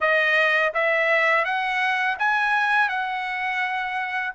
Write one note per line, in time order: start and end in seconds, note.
0.00 0.73 D#5
0.74 1.45 E5
1.45 2.17 F#5
2.18 2.88 G#5
2.88 4.33 F#5